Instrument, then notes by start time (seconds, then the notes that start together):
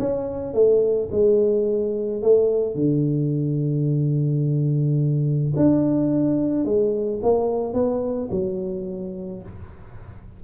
tuba
0.00 C#4
0.54 A3
1.12 G#3
2.23 A3
2.76 D3
5.57 D4
6.66 G#3
7.23 A#3
7.74 B3
8.32 F#3